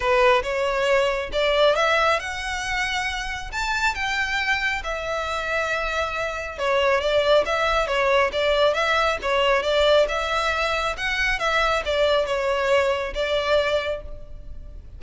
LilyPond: \new Staff \with { instrumentName = "violin" } { \time 4/4 \tempo 4 = 137 b'4 cis''2 d''4 | e''4 fis''2. | a''4 g''2 e''4~ | e''2. cis''4 |
d''4 e''4 cis''4 d''4 | e''4 cis''4 d''4 e''4~ | e''4 fis''4 e''4 d''4 | cis''2 d''2 | }